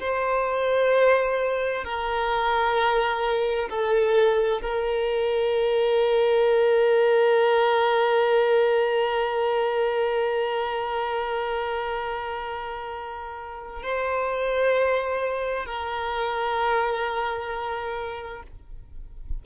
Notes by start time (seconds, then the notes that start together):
0.00 C5
1.84 A#4
3.69 A4
4.62 A#4
13.83 C5
15.66 A#4